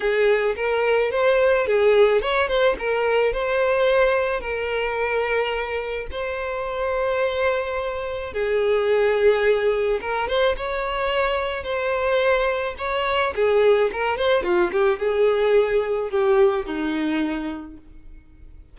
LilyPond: \new Staff \with { instrumentName = "violin" } { \time 4/4 \tempo 4 = 108 gis'4 ais'4 c''4 gis'4 | cis''8 c''8 ais'4 c''2 | ais'2. c''4~ | c''2. gis'4~ |
gis'2 ais'8 c''8 cis''4~ | cis''4 c''2 cis''4 | gis'4 ais'8 c''8 f'8 g'8 gis'4~ | gis'4 g'4 dis'2 | }